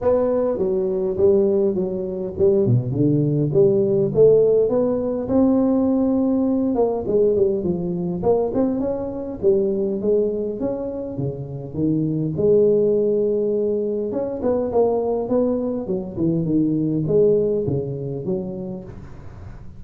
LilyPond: \new Staff \with { instrumentName = "tuba" } { \time 4/4 \tempo 4 = 102 b4 fis4 g4 fis4 | g8 b,8 d4 g4 a4 | b4 c'2~ c'8 ais8 | gis8 g8 f4 ais8 c'8 cis'4 |
g4 gis4 cis'4 cis4 | dis4 gis2. | cis'8 b8 ais4 b4 fis8 e8 | dis4 gis4 cis4 fis4 | }